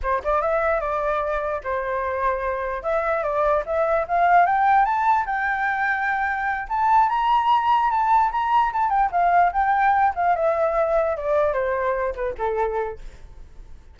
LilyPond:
\new Staff \with { instrumentName = "flute" } { \time 4/4 \tempo 4 = 148 c''8 d''8 e''4 d''2 | c''2. e''4 | d''4 e''4 f''4 g''4 | a''4 g''2.~ |
g''8 a''4 ais''2 a''8~ | a''8 ais''4 a''8 g''8 f''4 g''8~ | g''4 f''8 e''2 d''8~ | d''8 c''4. b'8 a'4. | }